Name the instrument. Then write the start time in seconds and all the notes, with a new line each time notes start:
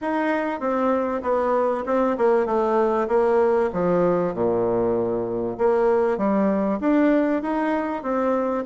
bassoon
0.01 D#4
0.60 C4
1.22 B3
1.86 C4
2.17 A#3
2.45 A3
3.08 A#3
3.73 F3
4.34 A#2
5.58 A#3
6.17 G3
6.80 D4
7.42 D#4
8.02 C4